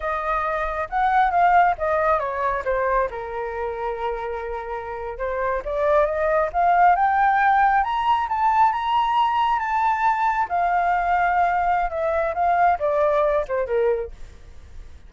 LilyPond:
\new Staff \with { instrumentName = "flute" } { \time 4/4 \tempo 4 = 136 dis''2 fis''4 f''4 | dis''4 cis''4 c''4 ais'4~ | ais'2.~ ais'8. c''16~ | c''8. d''4 dis''4 f''4 g''16~ |
g''4.~ g''16 ais''4 a''4 ais''16~ | ais''4.~ ais''16 a''2 f''16~ | f''2. e''4 | f''4 d''4. c''8 ais'4 | }